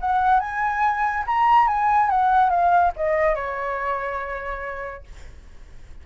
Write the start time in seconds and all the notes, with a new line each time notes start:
0.00 F#5
0.40 G#5
1.27 A#5
1.67 G#5
2.10 F#5
2.50 F5
2.96 D#5
3.35 C#5